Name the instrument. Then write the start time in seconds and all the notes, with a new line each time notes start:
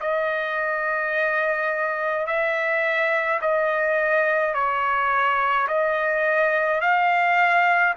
trumpet
0.00 D#5
2.26 E5
3.41 D#5
4.54 C#5
5.68 D#5
6.81 F5